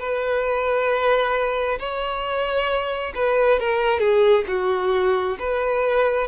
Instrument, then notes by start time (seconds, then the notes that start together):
violin
0.00 B4
1.79 C#5
3.15 B4
3.60 A#4
4.00 G#4
4.48 F#4
5.39 B4